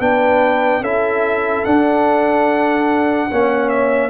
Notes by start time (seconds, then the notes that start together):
0.00 B3 D4 B4 G5
0.81 C#4 E4 A4 E5
1.65 D4 F#5
3.31 A#3 C#4 C#5
3.69 E5